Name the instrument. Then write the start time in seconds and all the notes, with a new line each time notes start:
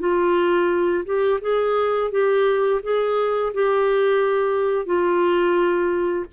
clarinet
0.00 F4
1.06 G4
1.42 G#4
2.12 G4
2.83 G#4
3.55 G4
4.86 F4